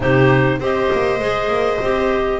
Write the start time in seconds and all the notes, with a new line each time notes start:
0.00 C3 D#4 G4 C5
0.59 C4 G4 C5 D#5
0.92 A#3
1.19 G#3 G#4
1.48 A#3
1.81 C4 G4